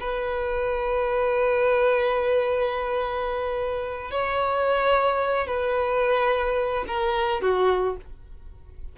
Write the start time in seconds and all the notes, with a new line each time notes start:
0.00 B4
4.11 C#5
5.47 B4
6.87 A#4
7.41 F#4